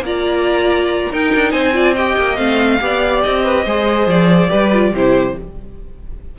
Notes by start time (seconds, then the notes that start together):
0.00 A#3 F4 D5 A#5
1.11 D#4 A#4 G5
1.34 D4
1.52 C4 C5 G#5
1.73 F4 D5
1.95 G4 D#5 G5
2.17 A#3
2.36 A3 C4 F5
2.81 B3 G4 D5
3.23 C4 D#5
3.44 B4
3.65 G#3 G#4 C5
4.07 F3 D5
4.50 G3 G4 B4
4.73 F4
4.92 C3 E4 G4 C5